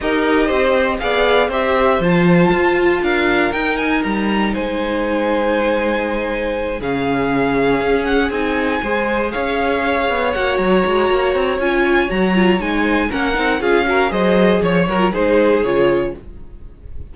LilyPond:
<<
  \new Staff \with { instrumentName = "violin" } { \time 4/4 \tempo 4 = 119 dis''2 f''4 e''4 | a''2 f''4 g''8 gis''8 | ais''4 gis''2.~ | gis''4. f''2~ f''8 |
fis''8 gis''2 f''4.~ | f''8 fis''8 ais''2 gis''4 | ais''4 gis''4 fis''4 f''4 | dis''4 cis''8 ais'8 c''4 cis''4 | }
  \new Staff \with { instrumentName = "violin" } { \time 4/4 ais'4 c''4 d''4 c''4~ | c''2 ais'2~ | ais'4 c''2.~ | c''4. gis'2~ gis'8~ |
gis'4. c''4 cis''4.~ | cis''1~ | cis''4. c''8 ais'4 gis'8 ais'8 | c''4 cis''4 gis'2 | }
  \new Staff \with { instrumentName = "viola" } { \time 4/4 g'2 gis'4 g'4 | f'2. dis'4~ | dis'1~ | dis'4. cis'2~ cis'8~ |
cis'8 dis'4 gis'2~ gis'8~ | gis'8 fis'2~ fis'8 f'4 | fis'8 f'8 dis'4 cis'8 dis'8 f'8 fis'8 | gis'4. fis'16 f'16 dis'4 f'4 | }
  \new Staff \with { instrumentName = "cello" } { \time 4/4 dis'4 c'4 b4 c'4 | f4 f'4 d'4 dis'4 | g4 gis2.~ | gis4. cis2 cis'8~ |
cis'8 c'4 gis4 cis'4. | b8 ais8 fis8 gis8 ais8 c'8 cis'4 | fis4 gis4 ais8 c'8 cis'4 | fis4 f8 fis8 gis4 cis4 | }
>>